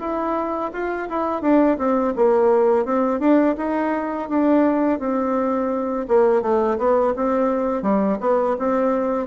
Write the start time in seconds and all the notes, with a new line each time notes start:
0.00 E4
0.73 F4
1.10 E4
1.42 D4
1.79 C4
2.17 A#3
2.86 C4
3.20 D4
3.58 D#4
4.29 D4
5.00 C4
6.08 A#3
6.43 A3
6.79 B3
7.16 C4
7.83 G3
8.21 B3
8.59 C4